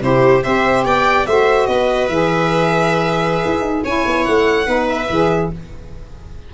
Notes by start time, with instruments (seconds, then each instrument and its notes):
0.00 tuba C3, saxophone E4, viola G4, violin C5
0.43 tuba C4, saxophone G4, viola C5, violin E5
0.84 tuba B3, viola D5, violin G5
1.27 tuba A3, saxophone F#4, viola C5, violin E5
1.67 tuba B3, viola B4, violin D#5
2.08 tuba E3, saxophone G#4, violin E5
3.45 tuba E4
3.62 tuba D#4
3.84 tuba C#4, saxophone E4, viola C#5, violin G#5
4.06 tuba B3
4.25 tuba A3, violin F#5
4.66 tuba B3, saxophone D#4, viola B4
4.89 violin E5
5.10 tuba E3, saxophone G#4